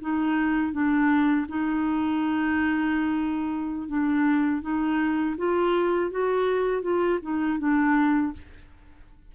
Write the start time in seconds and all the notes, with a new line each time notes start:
0.00 D#4
0.72 D4
1.48 D#4
3.88 D4
4.61 D#4
5.37 F4
6.10 F#4
6.82 F4
7.22 D#4
7.58 D4